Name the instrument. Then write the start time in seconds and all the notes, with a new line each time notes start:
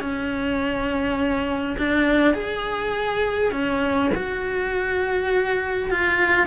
cello
0.00 C#4
1.78 D4
2.34 G#4
3.52 C#4
4.15 F#4
5.90 F4